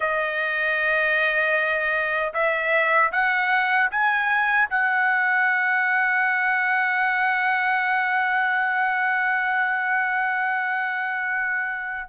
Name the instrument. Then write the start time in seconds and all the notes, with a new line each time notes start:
trumpet
0.00 D#5
2.33 E5
3.12 F#5
3.90 G#5
4.69 F#5